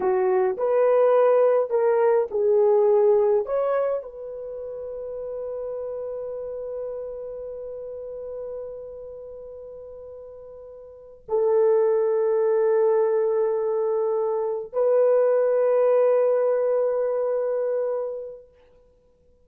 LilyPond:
\new Staff \with { instrumentName = "horn" } { \time 4/4 \tempo 4 = 104 fis'4 b'2 ais'4 | gis'2 cis''4 b'4~ | b'1~ | b'1~ |
b'2.~ b'8 a'8~ | a'1~ | a'4. b'2~ b'8~ | b'1 | }